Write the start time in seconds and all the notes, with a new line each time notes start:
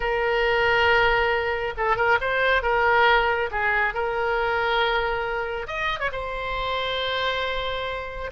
0.00 A#4
1.77 A4
1.96 A#4
2.20 C5
2.62 A#4
3.51 G#4
3.94 A#4
5.67 D#5
5.99 C#5
6.12 C5